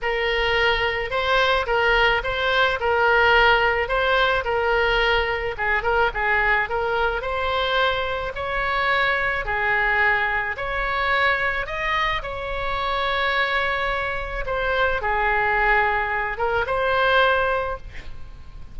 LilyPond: \new Staff \with { instrumentName = "oboe" } { \time 4/4 \tempo 4 = 108 ais'2 c''4 ais'4 | c''4 ais'2 c''4 | ais'2 gis'8 ais'8 gis'4 | ais'4 c''2 cis''4~ |
cis''4 gis'2 cis''4~ | cis''4 dis''4 cis''2~ | cis''2 c''4 gis'4~ | gis'4. ais'8 c''2 | }